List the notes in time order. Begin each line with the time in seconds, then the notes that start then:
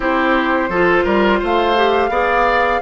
0.00 C4 E4 G4 C5
0.68 F3 F4 A4
1.04 G3 A#4
1.39 A3 C5 F5
1.76 G4
2.09 B3 G#4 D5